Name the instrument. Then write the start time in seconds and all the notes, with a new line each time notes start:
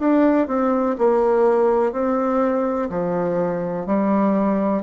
bassoon
0.00 D4
0.48 C4
0.99 A#3
1.93 C4
2.90 F3
3.87 G3